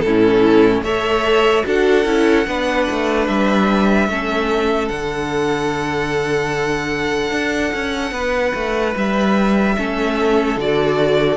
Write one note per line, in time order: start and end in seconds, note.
0.00 0.82 A2
0.00 0.84 E4
0.00 0.81 A4
0.06 0.84 C#4
0.82 1.63 A3
0.82 1.63 A4
0.82 1.65 C#5
0.82 1.65 E5
1.63 2.06 D4
1.63 2.04 F#4
1.63 2.47 A4
1.69 3.28 F#5
2.05 2.46 C#4
2.05 2.45 E4
2.47 2.87 B3
2.47 4.09 D4
2.47 4.09 B4
2.91 3.28 A3
3.28 4.08 G3
3.28 4.88 E5
4.08 4.90 A3
4.08 4.91 C#4
4.08 8.13 A4
4.88 7.31 D3
4.88 9.77 D4
4.88 8.94 F#5
7.31 7.71 D4
7.74 8.12 C#4
8.12 8.52 B3
8.12 9.76 B4
8.55 8.95 A3
8.96 9.77 G3
8.96 10.59 E5
9.77 10.56 A3
9.77 10.58 C#4
9.77 11.37 A4
10.56 11.37 D3
10.56 11.37 F#4
10.56 11.37 D5